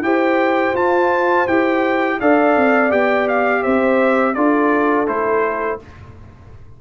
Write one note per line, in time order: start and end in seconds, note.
0.00 0.72 E4
0.00 0.75 G4
0.00 2.20 C5
0.00 0.75 G5
0.73 1.45 F4
0.73 1.47 F4
0.73 1.47 A5
1.47 2.20 E4
1.47 2.20 G4
1.47 2.20 G5
2.20 2.56 D4
2.20 2.89 A4
2.20 3.62 D5
2.20 2.91 F5
2.56 2.92 C4
2.89 3.64 B3
2.89 4.34 G4
2.89 3.28 G5
3.28 3.63 F5
3.62 4.36 C4
3.62 4.35 C5
3.62 4.34 E5
4.34 5.08 D4
4.34 5.07 F4
4.34 5.81 A4
4.34 5.06 D5
5.07 5.80 A3
5.07 5.79 E4
5.07 5.80 C5